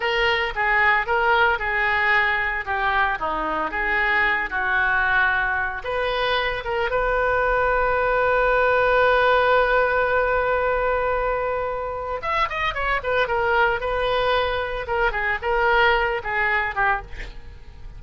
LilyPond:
\new Staff \with { instrumentName = "oboe" } { \time 4/4 \tempo 4 = 113 ais'4 gis'4 ais'4 gis'4~ | gis'4 g'4 dis'4 gis'4~ | gis'8 fis'2~ fis'8 b'4~ | b'8 ais'8 b'2.~ |
b'1~ | b'2. e''8 dis''8 | cis''8 b'8 ais'4 b'2 | ais'8 gis'8 ais'4. gis'4 g'8 | }